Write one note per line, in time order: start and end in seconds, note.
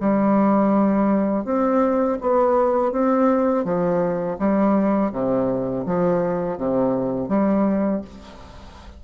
0.00 1.45 G3
1.45 2.18 C4
2.21 2.92 B3
2.92 3.64 C4
3.64 4.37 F3
4.39 5.12 G3
5.12 5.85 C3
5.86 6.58 F3
6.58 7.28 C3
7.28 8.02 G3